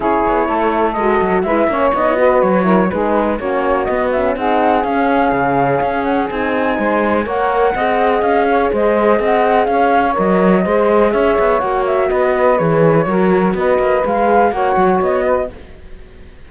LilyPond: <<
  \new Staff \with { instrumentName = "flute" } { \time 4/4 \tempo 4 = 124 cis''2 dis''4 e''4 | dis''4 cis''4 b'4 cis''4 | dis''8 e''8 fis''4 f''2~ | f''8 fis''8 gis''2 fis''4~ |
fis''4 f''4 dis''4 fis''4 | f''4 dis''2 e''4 | fis''8 e''8 dis''4 cis''2 | dis''4 f''4 fis''4 dis''4 | }
  \new Staff \with { instrumentName = "saxophone" } { \time 4/4 gis'4 a'2 b'8 cis''8~ | cis''8 b'4 ais'8 gis'4 fis'4~ | fis'4 gis'2.~ | gis'2 c''4 cis''4 |
dis''4. cis''8 c''4 dis''4 | cis''2 c''4 cis''4~ | cis''4 b'2 ais'4 | b'2 cis''4. b'8 | }
  \new Staff \with { instrumentName = "horn" } { \time 4/4 e'2 fis'4 e'8 cis'8 | dis'16 e'16 fis'4 e'8 dis'4 cis'4 | b8 cis'8 dis'4 cis'2~ | cis'4 dis'2 ais'4 |
gis'1~ | gis'4 ais'4 gis'2 | fis'2 gis'4 fis'4~ | fis'4 gis'4 fis'2 | }
  \new Staff \with { instrumentName = "cello" } { \time 4/4 cis'8 b8 a4 gis8 fis8 gis8 ais8 | b4 fis4 gis4 ais4 | b4 c'4 cis'4 cis4 | cis'4 c'4 gis4 ais4 |
c'4 cis'4 gis4 c'4 | cis'4 fis4 gis4 cis'8 b8 | ais4 b4 e4 fis4 | b8 ais8 gis4 ais8 fis8 b4 | }
>>